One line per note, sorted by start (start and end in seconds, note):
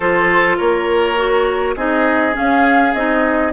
0.00 0.58 F3
0.00 1.17 F4
0.00 0.57 A4
0.00 0.57 C5
0.57 1.76 A#3
0.57 1.74 A#4
0.57 1.75 C#5
1.17 1.75 F#4
1.76 2.35 C4
1.76 2.32 D#4
1.76 3.52 G#4
1.76 2.35 D#5
2.32 2.91 C#4
2.32 2.94 F5
2.40 2.94 C#4
2.94 3.52 C4
2.94 3.52 D#4
2.94 3.52 D#5